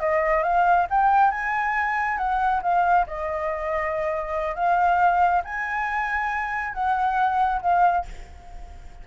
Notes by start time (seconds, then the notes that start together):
0.00 D#5
0.43 F5
0.90 G5
1.31 G#5
2.18 F#5
2.63 F5
3.07 D#5
4.56 F5
5.44 G#5
6.74 F#5
7.62 F5